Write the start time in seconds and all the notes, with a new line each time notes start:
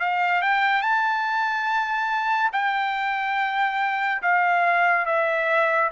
0.00 F5
0.42 G5
0.82 A5
2.53 G5
4.23 F5
5.06 E5